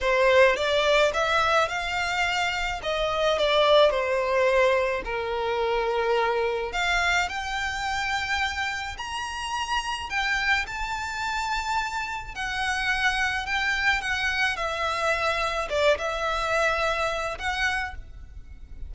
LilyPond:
\new Staff \with { instrumentName = "violin" } { \time 4/4 \tempo 4 = 107 c''4 d''4 e''4 f''4~ | f''4 dis''4 d''4 c''4~ | c''4 ais'2. | f''4 g''2. |
ais''2 g''4 a''4~ | a''2 fis''2 | g''4 fis''4 e''2 | d''8 e''2~ e''8 fis''4 | }